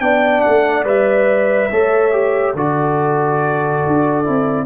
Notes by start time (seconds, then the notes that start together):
0.00 B3 D4 D5 G5
0.41 A3 F#5
0.85 G3 B4 E5
1.71 A3 A4 C#5
2.12 G4
2.54 D3 F#4 A4 D5
3.87 D4
4.25 C4 E4